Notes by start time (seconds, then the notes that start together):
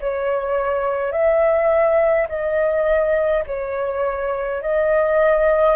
0.00 C#5
1.12 E5
2.29 D#5
3.46 C#5
4.62 D#5